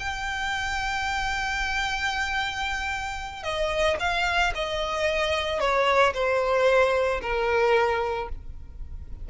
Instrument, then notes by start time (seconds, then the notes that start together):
violin
0.00 G5
3.44 D#5
4.00 F5
4.55 D#5
5.60 C#5
6.14 C5
7.22 A#4